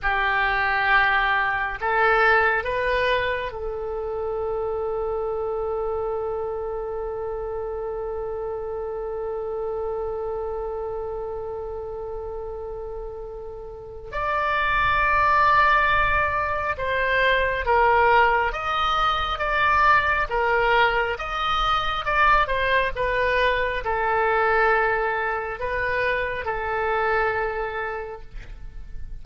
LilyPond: \new Staff \with { instrumentName = "oboe" } { \time 4/4 \tempo 4 = 68 g'2 a'4 b'4 | a'1~ | a'1~ | a'1 |
d''2. c''4 | ais'4 dis''4 d''4 ais'4 | dis''4 d''8 c''8 b'4 a'4~ | a'4 b'4 a'2 | }